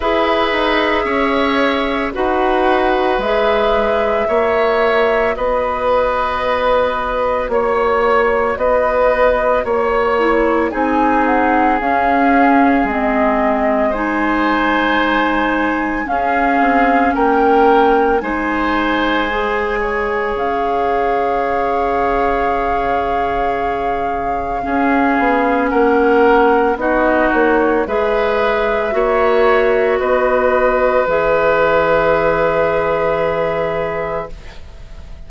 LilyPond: <<
  \new Staff \with { instrumentName = "flute" } { \time 4/4 \tempo 4 = 56 e''2 fis''4 e''4~ | e''4 dis''2 cis''4 | dis''4 cis''4 gis''8 fis''8 f''4 | dis''4 gis''2 f''4 |
g''4 gis''2 f''4~ | f''1 | fis''4 dis''8 cis''8 e''2 | dis''4 e''2. | }
  \new Staff \with { instrumentName = "oboe" } { \time 4/4 b'4 cis''4 b'2 | cis''4 b'2 cis''4 | b'4 cis''4 gis'2~ | gis'4 c''2 gis'4 |
ais'4 c''4. cis''4.~ | cis''2. gis'4 | ais'4 fis'4 b'4 cis''4 | b'1 | }
  \new Staff \with { instrumentName = "clarinet" } { \time 4/4 gis'2 fis'4 gis'4 | fis'1~ | fis'4. e'8 dis'4 cis'4 | c'4 dis'2 cis'4~ |
cis'4 dis'4 gis'2~ | gis'2. cis'4~ | cis'4 dis'4 gis'4 fis'4~ | fis'4 gis'2. | }
  \new Staff \with { instrumentName = "bassoon" } { \time 4/4 e'8 dis'8 cis'4 dis'4 gis4 | ais4 b2 ais4 | b4 ais4 c'4 cis'4 | gis2. cis'8 c'8 |
ais4 gis2 cis4~ | cis2. cis'8 b8 | ais4 b8 ais8 gis4 ais4 | b4 e2. | }
>>